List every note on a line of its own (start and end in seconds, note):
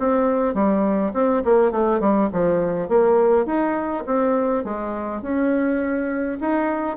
0.00 0.55 C4
0.55 1.13 G3
1.14 1.43 C4
1.45 1.72 A#3
1.72 2.00 A3
2.00 2.30 G3
2.33 2.89 F3
2.89 3.46 A#3
3.46 4.04 D#4
4.07 4.65 C4
4.65 5.22 G#3
5.22 6.39 C#4
6.41 6.97 D#4